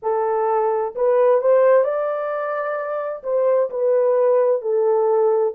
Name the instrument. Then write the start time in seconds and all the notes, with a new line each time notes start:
horn
0.02 A4
0.95 B4
1.41 C5
1.83 D5
3.23 C5
3.70 B4
4.62 A4